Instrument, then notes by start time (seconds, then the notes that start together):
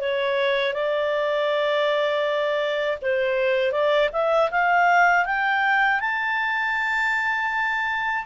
clarinet
0.00 C#5
0.73 D5
3.02 C5
3.72 D5
4.13 E5
4.51 F5
5.25 G5
6.00 A5